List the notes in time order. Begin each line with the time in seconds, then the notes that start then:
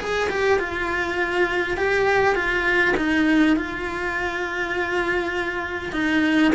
0.00 G#4
0.30 G4
0.60 F4
1.78 G4
2.35 F4
2.97 D#4
3.57 F4
5.93 D#4